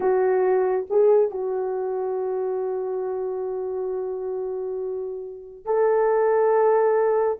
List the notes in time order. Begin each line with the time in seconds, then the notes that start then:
0.00 F#4
0.90 G#4
1.30 F#4
5.65 A4